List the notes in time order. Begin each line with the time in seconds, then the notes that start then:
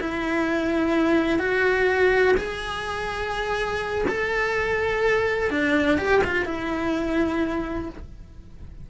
0.00 E4
1.39 F#4
2.37 G#4
4.08 A4
5.50 D4
5.97 G4
6.24 F4
6.45 E4